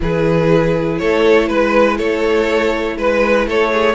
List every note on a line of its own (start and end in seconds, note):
0.00 1.00 E3
0.00 3.94 E4
0.00 1.00 G#4
0.00 0.98 B4
0.98 1.49 A3
0.98 1.49 A4
0.98 1.47 C#5
1.47 1.99 G#3
1.47 1.97 B4
1.97 2.97 A3
1.97 2.96 A4
1.97 2.97 C#5
2.97 3.46 G#3
2.97 3.47 B4
2.97 3.46 B4
3.46 3.94 A3
3.46 3.71 A4
3.46 3.94 C#5
3.72 3.94 G#4